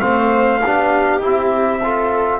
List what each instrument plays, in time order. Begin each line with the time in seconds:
0.00 double bass A3, trombone C4, viola C5, trumpet F5
0.60 double bass B3, trombone D4, viola G4
1.21 double bass C4, trombone E4, trumpet E5
1.82 trombone F4, viola A4